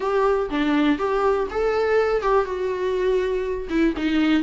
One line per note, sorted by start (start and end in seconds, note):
0.00 0.49 G4
0.50 0.98 D4
0.98 1.47 G4
1.50 2.22 A4
2.22 2.45 G4
2.45 3.68 F#4
3.69 3.94 E4
3.96 4.42 D#4